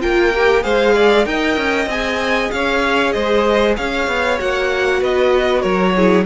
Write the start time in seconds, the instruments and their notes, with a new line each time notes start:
0.00 cello A#3, viola F4, violin A#4 G5
0.35 viola G4
0.62 cello G#3, viola G#4, violin C5 F5
0.95 violin D5
1.25 cello D#4, viola A#4, violin D#5 G5
1.56 cello C#4
1.86 cello C4, viola G#4, violin G#5
2.51 cello C#4, violin C#5 F5
3.12 cello G#3, violin C5 D#5
3.76 cello C#4, violin C#5 F5
4.07 cello B3
4.38 cello A#3, viola F#4, violin F#5
5.00 cello B3, violin B4 D#5
5.61 cello F#3, violin A#4 C#5
5.95 viola E4, violin G#4